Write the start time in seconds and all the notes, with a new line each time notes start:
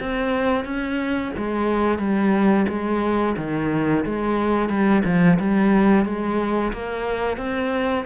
0.00 C4
0.65 C#4
1.37 G#3
1.98 G3
2.68 G#3
3.37 D#3
4.05 G#3
4.69 G3
5.04 F3
5.39 G3
6.05 G#3
6.73 A#3
7.37 C4